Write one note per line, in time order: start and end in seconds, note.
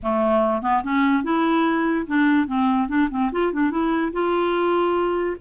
0.02 0.62 A3
0.62 0.82 B3
0.83 1.23 C#4
1.23 2.06 E4
2.07 2.47 D4
2.47 2.88 C4
2.88 3.08 D4
3.10 3.31 C4
3.32 3.52 F4
3.52 3.70 D4
3.70 4.12 E4
4.12 5.36 F4